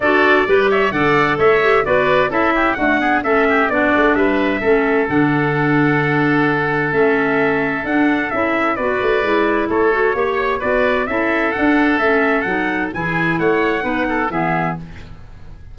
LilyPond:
<<
  \new Staff \with { instrumentName = "trumpet" } { \time 4/4 \tempo 4 = 130 d''4. e''8 fis''4 e''4 | d''4 e''4 fis''4 e''4 | d''4 e''2 fis''4~ | fis''2. e''4~ |
e''4 fis''4 e''4 d''4~ | d''4 cis''2 d''4 | e''4 fis''4 e''4 fis''4 | gis''4 fis''2 e''4 | }
  \new Staff \with { instrumentName = "oboe" } { \time 4/4 a'4 b'8 cis''8 d''4 cis''4 | b'4 a'8 g'8 fis'8 gis'8 a'8 g'8 | fis'4 b'4 a'2~ | a'1~ |
a'2. b'4~ | b'4 a'4 cis''4 b'4 | a'1 | gis'4 cis''4 b'8 a'8 gis'4 | }
  \new Staff \with { instrumentName = "clarinet" } { \time 4/4 fis'4 g'4 a'4. g'8 | fis'4 e'4 a8 b8 cis'4 | d'2 cis'4 d'4~ | d'2. cis'4~ |
cis'4 d'4 e'4 fis'4 | e'4. fis'8 g'4 fis'4 | e'4 d'4 cis'4 dis'4 | e'2 dis'4 b4 | }
  \new Staff \with { instrumentName = "tuba" } { \time 4/4 d'4 g4 d4 a4 | b4 cis'4 d'4 a4 | b8 a8 g4 a4 d4~ | d2. a4~ |
a4 d'4 cis'4 b8 a8 | gis4 a4 ais4 b4 | cis'4 d'4 a4 fis4 | e4 a4 b4 e4 | }
>>